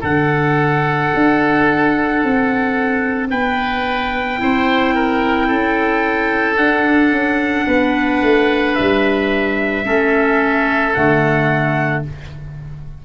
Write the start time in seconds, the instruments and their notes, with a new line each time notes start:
0.00 tuba D3, clarinet D4, oboe A4, trumpet F#5
1.14 tuba D4
2.23 tuba C4
3.30 tuba B3, oboe B4, trumpet G5
4.37 tuba C4, clarinet E4, oboe C5
4.94 oboe A#4
5.47 tuba C#4, oboe A4
6.56 tuba D4, clarinet D4, trumpet F#5
7.10 tuba C#4
7.67 tuba B3, oboe B4
8.22 tuba A3
8.75 tuba G3, trumpet E5
9.84 tuba A3, clarinet C#4, oboe A4
10.93 tuba D3, clarinet A3, trumpet F#5